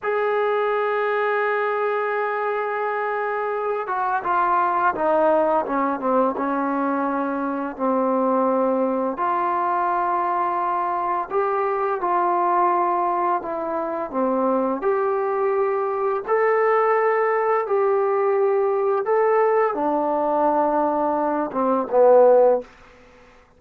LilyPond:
\new Staff \with { instrumentName = "trombone" } { \time 4/4 \tempo 4 = 85 gis'1~ | gis'4. fis'8 f'4 dis'4 | cis'8 c'8 cis'2 c'4~ | c'4 f'2. |
g'4 f'2 e'4 | c'4 g'2 a'4~ | a'4 g'2 a'4 | d'2~ d'8 c'8 b4 | }